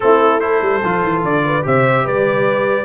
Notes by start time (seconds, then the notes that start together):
0.00 A3 C4 E4 A4
0.40 E4 A4 C5
0.61 G3
0.84 F3 F4
1.03 E3
1.23 D3 D5
1.45 B4
1.62 C3 G4 C5 E5
2.04 G3 B4 D5